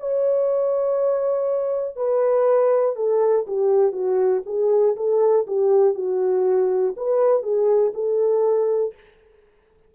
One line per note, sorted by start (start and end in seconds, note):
0.00 1.96 C#5
1.96 2.95 B4
2.95 3.45 A4
3.47 3.92 G4
3.92 4.42 F#4
4.45 4.95 G#4
4.96 5.46 A4
5.47 5.95 G4
5.95 6.95 F#4
6.96 7.43 B4
7.43 7.93 G#4
7.94 8.94 A4